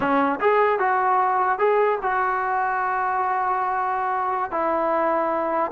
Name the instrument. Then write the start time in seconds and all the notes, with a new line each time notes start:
trombone
0.00 C#4
0.40 G#4
0.79 F#4
1.58 G#4
2.02 F#4
4.51 E4